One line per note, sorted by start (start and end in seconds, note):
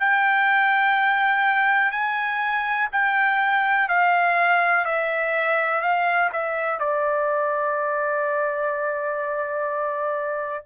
0.00 1.92 G5
1.92 2.89 G#5
2.93 3.89 G5
3.89 4.85 F5
4.85 5.82 E5
5.82 6.30 F5
6.33 6.80 E5
6.80 10.66 D5